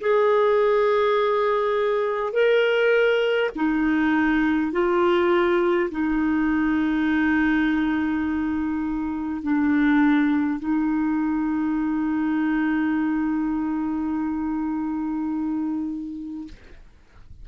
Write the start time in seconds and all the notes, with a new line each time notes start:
0.00 G#4
2.33 A#4
3.56 D#4
4.72 F4
5.91 D#4
9.42 D4
10.59 D#4